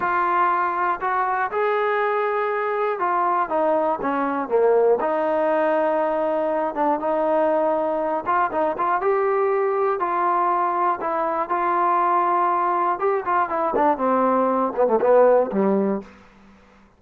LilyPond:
\new Staff \with { instrumentName = "trombone" } { \time 4/4 \tempo 4 = 120 f'2 fis'4 gis'4~ | gis'2 f'4 dis'4 | cis'4 ais4 dis'2~ | dis'4. d'8 dis'2~ |
dis'8 f'8 dis'8 f'8 g'2 | f'2 e'4 f'4~ | f'2 g'8 f'8 e'8 d'8 | c'4. b16 a16 b4 g4 | }